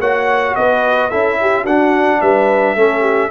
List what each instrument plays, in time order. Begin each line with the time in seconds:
0.00 tuba A#3, trombone F#4, horn C#5, trumpet F#5
0.56 tuba B3, horn B4, trumpet D#5
1.10 tuba C#4, trombone E4, horn A4, trumpet E5
1.41 horn G4
1.63 tuba D4, trombone D4, horn F#4, trumpet F#5
2.22 tuba G3, horn B4, trumpet E5
2.76 tuba A3, trombone C#4, horn A4
3.01 horn G4